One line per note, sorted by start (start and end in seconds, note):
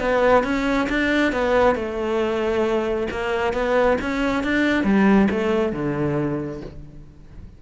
0.00 0.44 B3
0.44 0.88 C#4
0.90 1.33 D4
1.33 1.76 B3
1.76 3.08 A3
3.11 3.54 A#3
3.54 3.98 B3
4.02 4.44 C#4
4.44 4.84 D4
4.84 5.29 G3
5.31 5.73 A3
5.73 6.61 D3